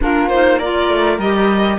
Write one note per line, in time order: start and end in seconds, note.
0.00 0.89 A#3
0.00 0.30 D4
0.00 0.58 F4
0.00 0.28 A#4
0.28 0.61 D#4
0.28 0.58 C5
0.58 1.21 F4
0.58 1.78 A#4
0.58 1.18 D5
0.89 1.18 A3
1.18 1.78 G3
1.18 1.78 G4
1.18 1.78 D#5